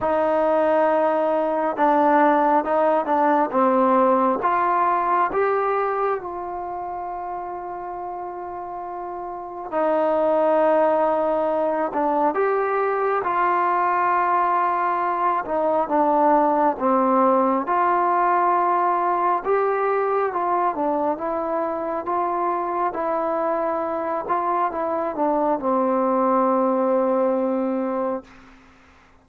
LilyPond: \new Staff \with { instrumentName = "trombone" } { \time 4/4 \tempo 4 = 68 dis'2 d'4 dis'8 d'8 | c'4 f'4 g'4 f'4~ | f'2. dis'4~ | dis'4. d'8 g'4 f'4~ |
f'4. dis'8 d'4 c'4 | f'2 g'4 f'8 d'8 | e'4 f'4 e'4. f'8 | e'8 d'8 c'2. | }